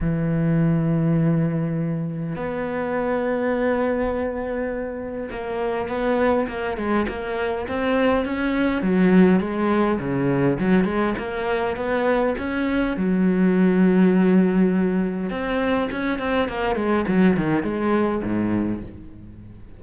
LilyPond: \new Staff \with { instrumentName = "cello" } { \time 4/4 \tempo 4 = 102 e1 | b1~ | b4 ais4 b4 ais8 gis8 | ais4 c'4 cis'4 fis4 |
gis4 cis4 fis8 gis8 ais4 | b4 cis'4 fis2~ | fis2 c'4 cis'8 c'8 | ais8 gis8 fis8 dis8 gis4 gis,4 | }